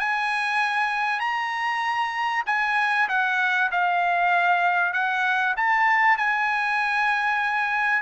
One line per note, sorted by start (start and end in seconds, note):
0.00 1.20 G#5
1.20 2.44 A#5
2.47 3.09 G#5
3.09 3.71 F#5
3.72 4.93 F5
4.93 5.55 F#5
5.57 6.18 A5
6.18 8.03 G#5